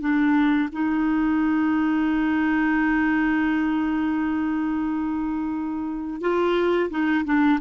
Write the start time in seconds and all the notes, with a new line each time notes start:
0.00 D4
0.72 D#4
6.21 F4
6.90 D#4
7.25 D4